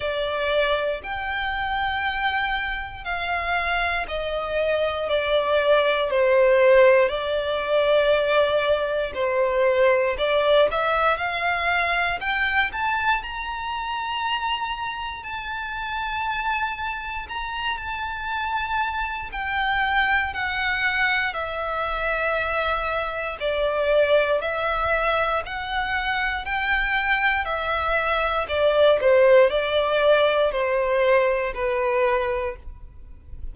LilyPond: \new Staff \with { instrumentName = "violin" } { \time 4/4 \tempo 4 = 59 d''4 g''2 f''4 | dis''4 d''4 c''4 d''4~ | d''4 c''4 d''8 e''8 f''4 | g''8 a''8 ais''2 a''4~ |
a''4 ais''8 a''4. g''4 | fis''4 e''2 d''4 | e''4 fis''4 g''4 e''4 | d''8 c''8 d''4 c''4 b'4 | }